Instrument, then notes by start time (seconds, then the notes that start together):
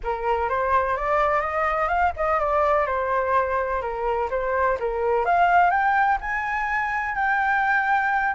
flute
0.03 A#4
0.49 C5
0.97 D5
1.40 D#5
1.88 F5
2.16 D#5
2.39 D5
2.86 C5
3.81 A#4
4.30 C5
4.79 A#4
5.25 F5
5.70 G5
6.20 G#5
7.15 G5